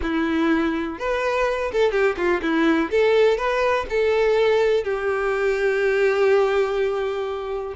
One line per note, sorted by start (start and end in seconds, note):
0.02 0.99 E4
0.99 1.71 B4
1.72 1.91 A4
1.91 2.15 G4
2.17 2.41 F4
2.42 2.90 E4
2.90 3.37 A4
3.37 3.86 B4
3.89 4.84 A4
4.84 7.74 G4